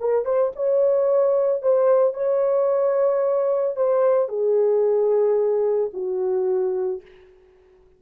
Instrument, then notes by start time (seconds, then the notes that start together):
horn
0.00 A#4
0.25 C5
0.56 C#5
1.62 C5
2.14 C#5
3.76 C5
4.29 G#4
5.94 F#4